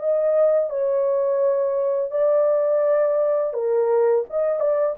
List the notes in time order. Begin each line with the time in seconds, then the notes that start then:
0.00 D#5
0.70 C#5
2.12 D5
3.54 A#4
4.30 D#5
4.60 D5